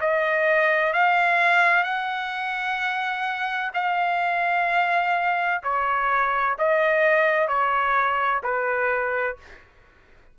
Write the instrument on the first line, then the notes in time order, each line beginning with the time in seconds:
trumpet
0.00 D#5
0.93 F5
1.84 F#5
3.74 F5
5.63 C#5
6.58 D#5
7.48 C#5
8.43 B4